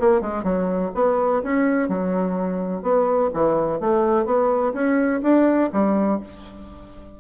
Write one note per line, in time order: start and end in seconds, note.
0.00 0.21 A#3
0.21 0.44 G#3
0.44 0.91 F#3
0.95 1.43 B3
1.43 1.89 C#4
1.89 2.83 F#3
2.83 3.30 B3
3.34 3.80 E3
3.80 4.26 A3
4.26 4.73 B3
4.74 5.21 C#4
5.23 5.71 D4
5.73 6.21 G3